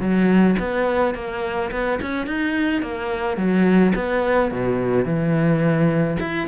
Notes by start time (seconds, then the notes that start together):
0.00 F#3
0.59 B3
1.15 A#3
1.72 B3
2.02 C#4
2.27 D#4
2.82 A#3
3.37 F#3
3.95 B3
4.52 B2
5.05 E3
6.20 E4